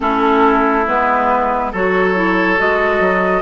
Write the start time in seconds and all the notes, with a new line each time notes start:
0.00 A3 C#4 E4 A4
0.87 G#3 B3 B4
1.72 F#3 F#4 A4 C#5
2.14 E4
2.57 G#3 F#4 D#5
3.00 F#3